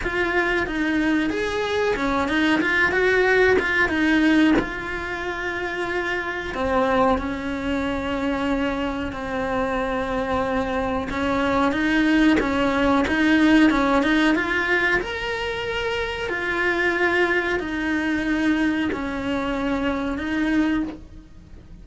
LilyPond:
\new Staff \with { instrumentName = "cello" } { \time 4/4 \tempo 4 = 92 f'4 dis'4 gis'4 cis'8 dis'8 | f'8 fis'4 f'8 dis'4 f'4~ | f'2 c'4 cis'4~ | cis'2 c'2~ |
c'4 cis'4 dis'4 cis'4 | dis'4 cis'8 dis'8 f'4 ais'4~ | ais'4 f'2 dis'4~ | dis'4 cis'2 dis'4 | }